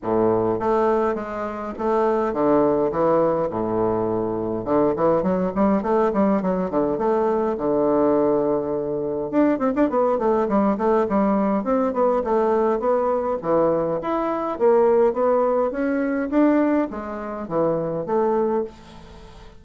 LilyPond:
\new Staff \with { instrumentName = "bassoon" } { \time 4/4 \tempo 4 = 103 a,4 a4 gis4 a4 | d4 e4 a,2 | d8 e8 fis8 g8 a8 g8 fis8 d8 | a4 d2. |
d'8 c'16 d'16 b8 a8 g8 a8 g4 | c'8 b8 a4 b4 e4 | e'4 ais4 b4 cis'4 | d'4 gis4 e4 a4 | }